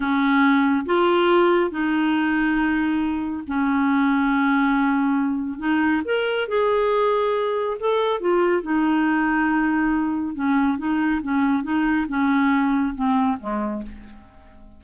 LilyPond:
\new Staff \with { instrumentName = "clarinet" } { \time 4/4 \tempo 4 = 139 cis'2 f'2 | dis'1 | cis'1~ | cis'4 dis'4 ais'4 gis'4~ |
gis'2 a'4 f'4 | dis'1 | cis'4 dis'4 cis'4 dis'4 | cis'2 c'4 gis4 | }